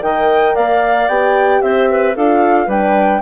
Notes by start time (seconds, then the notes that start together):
0.00 D#3 A#4 D#5 G5
0.55 A#3 D5 F5
1.08 B3 G4 G5
1.62 C4 C5 E5
1.90 B4
2.16 D4 F4 A4 F5
2.67 G3 D4 B4 G5